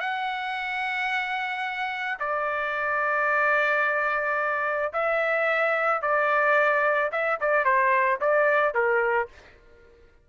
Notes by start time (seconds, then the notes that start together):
0.00 F#5
2.19 D5
4.93 E5
6.02 D5
7.12 E5
7.40 D5
7.65 C5
8.20 D5
8.74 A#4